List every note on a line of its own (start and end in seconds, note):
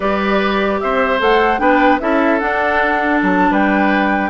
0.00 0.81 G3
0.00 1.19 G4
0.00 0.80 B4
0.00 0.79 D5
0.79 1.21 C4
0.79 1.60 C5
0.79 1.19 E5
1.19 1.59 A3
1.19 1.59 A4
1.19 1.59 F#5
1.59 2.00 B3
1.59 1.99 D4
1.59 2.01 B4
1.59 1.99 G5
2.00 2.41 C#4
2.00 2.40 E4
2.00 3.51 A4
2.00 2.39 E5
2.39 4.30 D4
2.39 3.22 D4
2.39 3.19 F#5
3.22 3.51 F#3
3.22 3.53 A5
3.51 4.30 G3
3.51 4.30 B4
3.51 4.30 G5